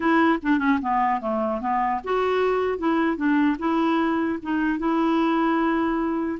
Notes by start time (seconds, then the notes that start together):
0.00 E4
0.42 D4
0.58 C#4
0.81 B3
1.21 A3
1.60 B3
2.04 F#4
2.78 E4
3.17 D4
3.59 E4
4.42 D#4
4.79 E4